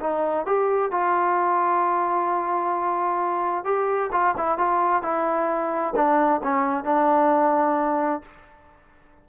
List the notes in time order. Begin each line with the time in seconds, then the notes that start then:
0.00 D#4
0.46 G4
0.91 F4
3.64 G4
4.12 F4
4.37 E4
4.58 F4
5.02 E4
5.95 D4
6.43 C#4
6.84 D4